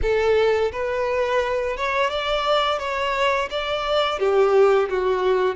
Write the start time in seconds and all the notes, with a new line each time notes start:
0.02 A4
0.72 B4
1.76 C#5
2.09 D5
2.78 C#5
3.50 D5
4.19 G4
4.89 F#4